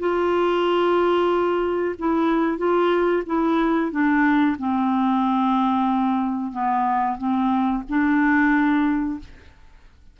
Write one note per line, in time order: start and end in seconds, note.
0.00 1.96 F4
1.99 2.58 E4
2.58 3.24 F4
3.27 3.92 E4
3.92 4.57 D4
4.59 6.53 C4
6.53 7.18 B3
7.18 7.83 C4
7.89 9.20 D4